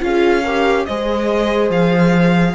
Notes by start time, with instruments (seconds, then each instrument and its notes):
0.00 cello C#4, viola F4, horn G#4, violin F5
0.44 viola G4, horn A#4
0.86 cello G#3, viola G#4, horn C5, violin D#5
1.70 cello F3, violin F5